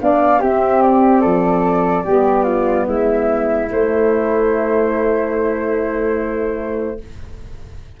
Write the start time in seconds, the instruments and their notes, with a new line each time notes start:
0.00 tuba B3, saxophone D4, flute D5 F5
0.39 saxophone C4, tuba C4, flute G4 E5
0.82 flute D5
1.21 tuba F3, flute A4
2.04 tuba G3, saxophone B3, flute G4
2.43 flute F4
2.86 tuba G#3, flute E4 E5
3.68 saxophone A3, tuba A3, flute C5